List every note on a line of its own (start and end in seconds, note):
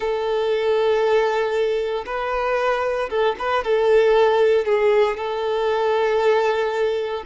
0.00 2.05 A4
2.05 3.09 B4
3.09 3.35 A4
3.39 3.63 B4
3.63 4.65 A4
4.65 5.16 G#4
5.16 7.23 A4